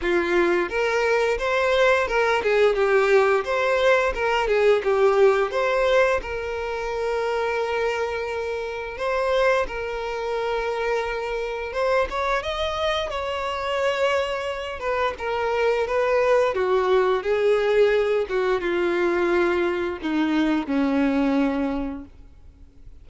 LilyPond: \new Staff \with { instrumentName = "violin" } { \time 4/4 \tempo 4 = 87 f'4 ais'4 c''4 ais'8 gis'8 | g'4 c''4 ais'8 gis'8 g'4 | c''4 ais'2.~ | ais'4 c''4 ais'2~ |
ais'4 c''8 cis''8 dis''4 cis''4~ | cis''4. b'8 ais'4 b'4 | fis'4 gis'4. fis'8 f'4~ | f'4 dis'4 cis'2 | }